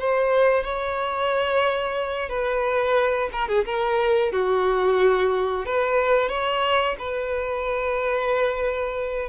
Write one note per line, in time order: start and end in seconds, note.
0.00 0.64 C5
0.64 2.29 C#5
2.29 3.29 B4
3.33 3.48 A#4
3.48 3.65 G#4
3.65 4.32 A#4
4.32 5.66 F#4
5.66 6.29 B4
6.29 6.96 C#5
6.99 9.29 B4